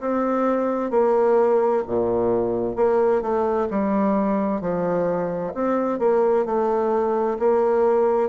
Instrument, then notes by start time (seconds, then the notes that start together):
bassoon
0.00 C4
0.91 A#3
1.87 A#2
2.76 A#3
3.22 A3
3.70 G3
4.61 F3
5.54 C4
5.99 A#3
6.45 A3
7.39 A#3